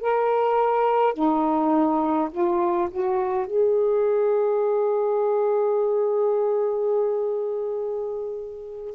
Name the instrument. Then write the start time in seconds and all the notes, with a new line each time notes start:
saxophone
0.00 A#4
1.13 D#4
2.31 F4
2.91 F#4
3.46 G#4